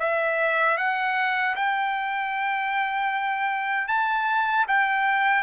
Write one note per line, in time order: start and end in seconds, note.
0.00 0.78 E5
0.78 1.56 F#5
1.56 3.89 G5
3.89 4.66 A5
4.68 5.44 G5